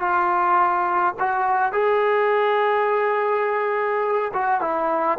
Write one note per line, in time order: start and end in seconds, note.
0.00 1.15 F4
1.20 1.73 F#4
1.73 4.32 G#4
4.34 4.61 F#4
4.61 5.19 E4